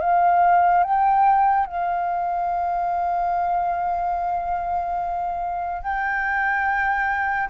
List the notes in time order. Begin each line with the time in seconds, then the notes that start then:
0.00 F5
0.83 G5
1.66 F5
5.83 G5